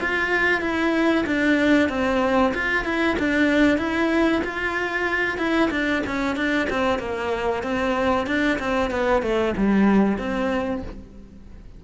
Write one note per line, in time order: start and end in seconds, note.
0.00 0.61 F4
0.61 1.25 E4
1.26 1.89 D4
1.89 2.53 C4
2.54 2.85 F4
2.85 3.17 E4
3.19 3.78 D4
3.78 4.42 E4
4.44 5.38 F4
5.38 5.70 E4
5.71 6.03 D4
6.07 6.36 C#4
6.36 6.68 D4
6.70 6.99 C4
6.99 7.63 A#3
7.63 8.27 C4
8.27 8.59 D4
8.59 8.90 C4
8.90 9.22 B3
9.22 9.54 A3
9.57 10.18 G3
10.18 10.82 C4